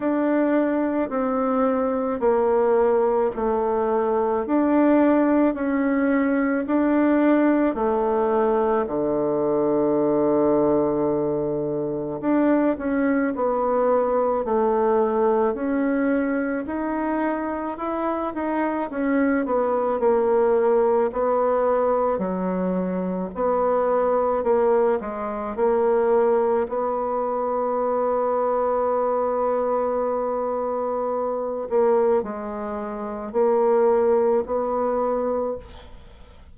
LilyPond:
\new Staff \with { instrumentName = "bassoon" } { \time 4/4 \tempo 4 = 54 d'4 c'4 ais4 a4 | d'4 cis'4 d'4 a4 | d2. d'8 cis'8 | b4 a4 cis'4 dis'4 |
e'8 dis'8 cis'8 b8 ais4 b4 | fis4 b4 ais8 gis8 ais4 | b1~ | b8 ais8 gis4 ais4 b4 | }